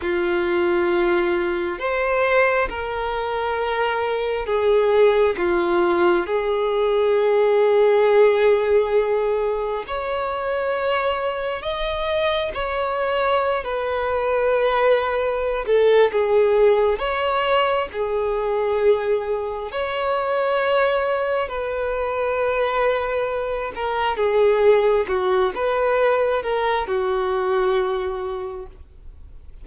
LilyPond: \new Staff \with { instrumentName = "violin" } { \time 4/4 \tempo 4 = 67 f'2 c''4 ais'4~ | ais'4 gis'4 f'4 gis'4~ | gis'2. cis''4~ | cis''4 dis''4 cis''4~ cis''16 b'8.~ |
b'4. a'8 gis'4 cis''4 | gis'2 cis''2 | b'2~ b'8 ais'8 gis'4 | fis'8 b'4 ais'8 fis'2 | }